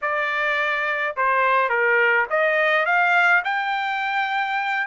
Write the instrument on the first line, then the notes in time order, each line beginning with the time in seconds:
trumpet
0.01 D5
1.16 C5
1.69 A#4
2.29 D#5
2.85 F5
3.44 G5